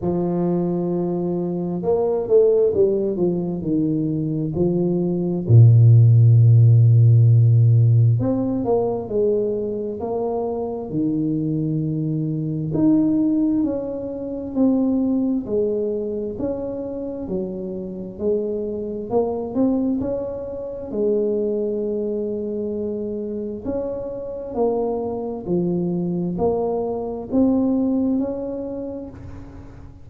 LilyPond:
\new Staff \with { instrumentName = "tuba" } { \time 4/4 \tempo 4 = 66 f2 ais8 a8 g8 f8 | dis4 f4 ais,2~ | ais,4 c'8 ais8 gis4 ais4 | dis2 dis'4 cis'4 |
c'4 gis4 cis'4 fis4 | gis4 ais8 c'8 cis'4 gis4~ | gis2 cis'4 ais4 | f4 ais4 c'4 cis'4 | }